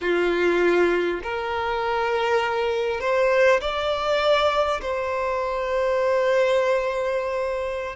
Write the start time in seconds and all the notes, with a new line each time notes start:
0.01 F4
1.23 A#4
3.00 C5
3.61 D5
4.81 C5